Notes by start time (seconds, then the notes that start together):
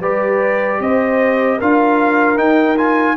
0.00 G3 G4 B4 D5
0.79 C4 C5 D#5
1.57 D4 F4 A#4 F5
2.36 D#4 G5
2.77 F4 G#5